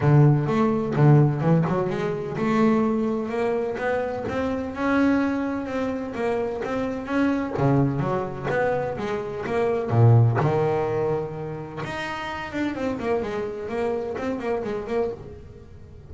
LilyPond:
\new Staff \with { instrumentName = "double bass" } { \time 4/4 \tempo 4 = 127 d4 a4 d4 e8 fis8 | gis4 a2 ais4 | b4 c'4 cis'2 | c'4 ais4 c'4 cis'4 |
cis4 fis4 b4 gis4 | ais4 ais,4 dis2~ | dis4 dis'4. d'8 c'8 ais8 | gis4 ais4 c'8 ais8 gis8 ais8 | }